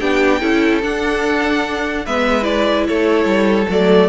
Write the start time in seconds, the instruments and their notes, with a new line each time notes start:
0.00 cello B3, viola D4, violin G4 G5
0.40 cello C#4, viola E4, violin A4
0.82 viola D4, cello D4, violin F#5
2.05 cello G#3, viola B3, violin B4 E5
2.42 viola E4, violin D5
2.88 cello A3, violin A4 C#5
3.25 cello G3
3.69 cello F#3, viola A3, violin D5